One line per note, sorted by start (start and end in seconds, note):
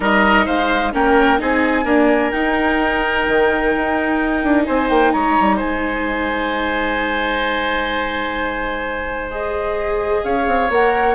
0.00 0.46 G3
0.00 0.92 D#4
0.00 0.45 A#4
0.00 0.45 D#5
0.45 0.93 G#3
0.45 0.92 C5
0.45 0.92 F5
0.92 1.40 A#3
0.92 1.39 C#4
0.92 1.40 A#4
0.92 1.40 G5
1.39 1.85 C4
1.39 1.85 D#4
1.39 1.84 G#4
1.39 2.31 G#5
1.84 2.31 A#3
1.84 2.32 D4
1.84 4.63 A#4
2.31 9.30 D#4
2.31 3.27 D#4
2.31 4.63 G5
3.28 3.74 D#3
3.76 4.43 D#4
4.43 4.67 D4
4.64 4.89 C4
4.64 5.13 C5
4.64 4.88 G#5
4.89 5.12 A#3
4.89 5.12 G5
5.12 5.37 G#3
5.12 5.56 C#5
5.12 5.58 A#5
5.39 5.61 G3
5.56 10.24 G#3
5.56 10.21 C5
5.56 9.31 G#5
9.31 10.70 G#4
9.31 10.24 D#5
10.24 10.47 C#4
10.24 11.14 C#5
10.24 10.70 F5
10.47 10.69 C4
10.69 11.14 A#3
10.69 11.14 A#4
10.69 11.14 F#5